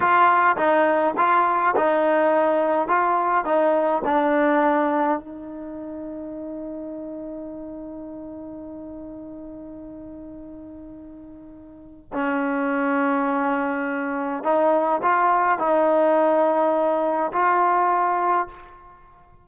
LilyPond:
\new Staff \with { instrumentName = "trombone" } { \time 4/4 \tempo 4 = 104 f'4 dis'4 f'4 dis'4~ | dis'4 f'4 dis'4 d'4~ | d'4 dis'2.~ | dis'1~ |
dis'1~ | dis'4 cis'2.~ | cis'4 dis'4 f'4 dis'4~ | dis'2 f'2 | }